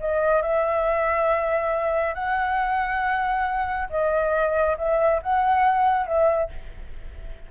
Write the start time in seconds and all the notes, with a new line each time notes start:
0.00 D#5
0.42 E5
2.15 F#5
3.90 D#5
4.78 E5
5.22 F#5
6.06 E5